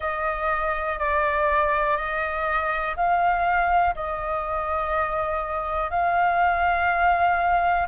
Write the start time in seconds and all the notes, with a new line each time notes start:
0.00 D#5
0.98 D5
1.97 D#5
2.96 F5
3.95 D#5
5.90 F5